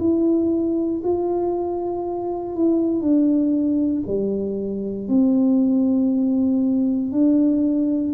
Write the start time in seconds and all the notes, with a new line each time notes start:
0.00 E4
1.04 F4
2.56 E4
3.02 D4
4.08 G3
5.09 C4
7.12 D4